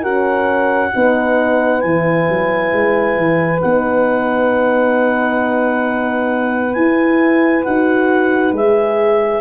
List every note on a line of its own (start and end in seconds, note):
0.00 0.92 C#4
0.00 0.93 F#4
0.00 0.90 A#4
0.00 1.81 F#5
0.92 1.84 B3
0.92 1.81 D#4
0.92 9.41 B4
1.81 2.29 E3
1.81 3.61 E4
1.81 3.60 G#5
2.29 2.73 F#3
2.73 3.17 G#3
3.17 3.62 E3
3.61 6.76 B3
3.61 6.75 D#4
3.61 6.74 F#5
6.74 7.65 E4
6.74 7.66 E4
6.74 7.63 G#5
7.64 8.52 D#4
7.64 8.53 F#4
7.64 8.53 F#5
8.52 9.41 G#3
8.52 9.41 G#4
8.52 9.41 E5